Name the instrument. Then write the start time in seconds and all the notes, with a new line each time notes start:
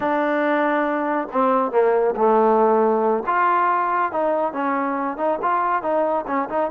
trombone
0.00 D4
1.32 C4
1.71 A#3
2.15 A3
3.26 F4
4.11 D#4
4.52 C#4
5.17 D#4
5.42 F4
5.82 D#4
6.27 C#4
6.49 D#4